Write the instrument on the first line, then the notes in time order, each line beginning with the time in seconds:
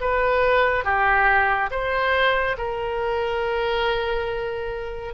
oboe
0.00 B4
0.84 G4
1.70 C5
2.57 A#4